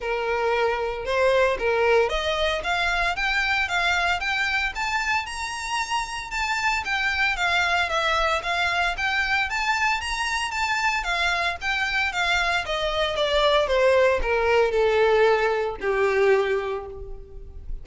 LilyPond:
\new Staff \with { instrumentName = "violin" } { \time 4/4 \tempo 4 = 114 ais'2 c''4 ais'4 | dis''4 f''4 g''4 f''4 | g''4 a''4 ais''2 | a''4 g''4 f''4 e''4 |
f''4 g''4 a''4 ais''4 | a''4 f''4 g''4 f''4 | dis''4 d''4 c''4 ais'4 | a'2 g'2 | }